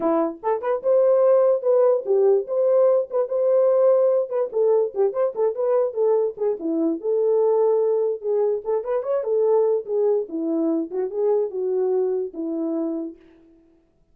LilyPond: \new Staff \with { instrumentName = "horn" } { \time 4/4 \tempo 4 = 146 e'4 a'8 b'8 c''2 | b'4 g'4 c''4. b'8 | c''2~ c''8 b'8 a'4 | g'8 c''8 a'8 b'4 a'4 gis'8 |
e'4 a'2. | gis'4 a'8 b'8 cis''8 a'4. | gis'4 e'4. fis'8 gis'4 | fis'2 e'2 | }